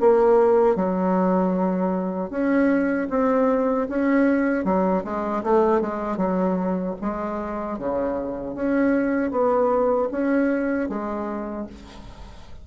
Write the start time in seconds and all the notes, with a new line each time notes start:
0.00 A#3
0.76 F#3
2.30 C#4
3.10 C4
3.89 C#4
4.64 F#3
5.04 G#3
5.43 A3
5.81 G#3
6.17 F#3
7.01 G#3
7.79 C#3
8.55 C#4
9.31 B3
10.11 C#4
10.89 G#3